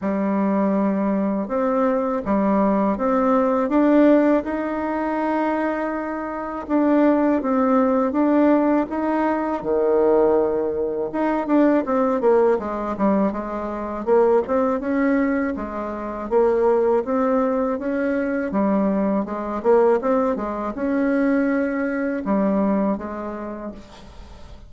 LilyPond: \new Staff \with { instrumentName = "bassoon" } { \time 4/4 \tempo 4 = 81 g2 c'4 g4 | c'4 d'4 dis'2~ | dis'4 d'4 c'4 d'4 | dis'4 dis2 dis'8 d'8 |
c'8 ais8 gis8 g8 gis4 ais8 c'8 | cis'4 gis4 ais4 c'4 | cis'4 g4 gis8 ais8 c'8 gis8 | cis'2 g4 gis4 | }